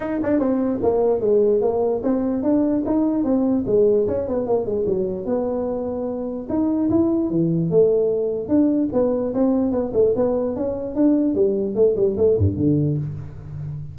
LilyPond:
\new Staff \with { instrumentName = "tuba" } { \time 4/4 \tempo 4 = 148 dis'8 d'8 c'4 ais4 gis4 | ais4 c'4 d'4 dis'4 | c'4 gis4 cis'8 b8 ais8 gis8 | fis4 b2. |
dis'4 e'4 e4 a4~ | a4 d'4 b4 c'4 | b8 a8 b4 cis'4 d'4 | g4 a8 g8 a8 g,8 d4 | }